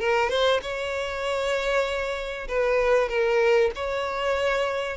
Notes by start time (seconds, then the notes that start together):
0.00 A#4
0.30 C5
0.62 C#5
2.49 B4
3.09 A#4
3.75 C#5